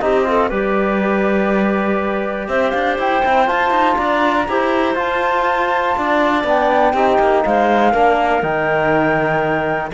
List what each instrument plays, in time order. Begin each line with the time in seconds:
0.00 cello C4, trombone D#4, clarinet G4, flute D#5
0.24 trombone F4, clarinet A4
0.49 cello G3, trombone G4, clarinet B4, flute D5
2.47 cello C4, clarinet C5, flute E5
2.70 cello D4, flute F5
2.98 cello E4, flute G5
3.24 cello C4, trombone E4
3.46 trombone F4, cello F4, flute A5
3.70 cello D#4
3.96 cello D4, clarinet D5, flute A#5
4.48 cello E4, trombone G4, clarinet C5
4.95 cello F4, trombone F4, flute A5
5.97 cello D4, clarinet D5
6.43 cello B3, trombone D4, flute G5
6.93 cello C4, trombone D#4, clarinet G4
7.19 cello A#3
7.44 cello G#3, clarinet C5, flute F5
7.91 cello A#3, trombone D4, clarinet A#4
8.42 cello D#3, trombone D#4, flute G5